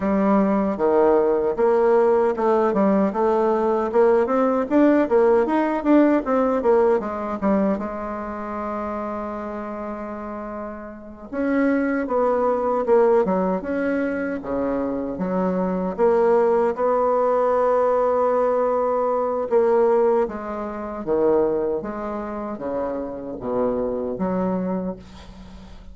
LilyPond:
\new Staff \with { instrumentName = "bassoon" } { \time 4/4 \tempo 4 = 77 g4 dis4 ais4 a8 g8 | a4 ais8 c'8 d'8 ais8 dis'8 d'8 | c'8 ais8 gis8 g8 gis2~ | gis2~ gis8 cis'4 b8~ |
b8 ais8 fis8 cis'4 cis4 fis8~ | fis8 ais4 b2~ b8~ | b4 ais4 gis4 dis4 | gis4 cis4 b,4 fis4 | }